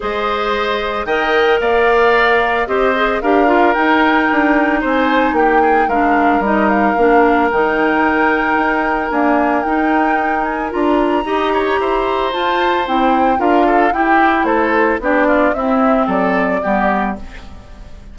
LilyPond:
<<
  \new Staff \with { instrumentName = "flute" } { \time 4/4 \tempo 4 = 112 dis''2 g''4 f''4~ | f''4 dis''4 f''4 g''4~ | g''4 gis''4 g''4 f''4 | dis''8 f''4. g''2~ |
g''4 gis''4 g''4. gis''8 | ais''2. a''4 | g''4 f''4 g''4 c''4 | d''4 e''4 d''2 | }
  \new Staff \with { instrumentName = "oboe" } { \time 4/4 c''2 dis''4 d''4~ | d''4 c''4 ais'2~ | ais'4 c''4 g'8 gis'8 ais'4~ | ais'1~ |
ais'1~ | ais'4 dis''8 cis''8 c''2~ | c''4 ais'8 a'8 g'4 a'4 | g'8 f'8 e'4 a'4 g'4 | }
  \new Staff \with { instrumentName = "clarinet" } { \time 4/4 gis'2 ais'2~ | ais'4 g'8 gis'8 g'8 f'8 dis'4~ | dis'2. d'4 | dis'4 d'4 dis'2~ |
dis'4 ais4 dis'2 | f'4 g'2 f'4 | e'4 f'4 e'2 | d'4 c'2 b4 | }
  \new Staff \with { instrumentName = "bassoon" } { \time 4/4 gis2 dis4 ais4~ | ais4 c'4 d'4 dis'4 | d'4 c'4 ais4 gis4 | g4 ais4 dis2 |
dis'4 d'4 dis'2 | d'4 dis'4 e'4 f'4 | c'4 d'4 e'4 a4 | b4 c'4 fis4 g4 | }
>>